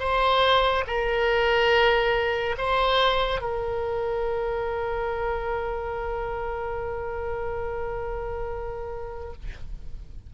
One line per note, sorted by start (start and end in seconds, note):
0.00 0.85 C5
0.87 2.56 A#4
2.58 3.41 C5
3.41 9.33 A#4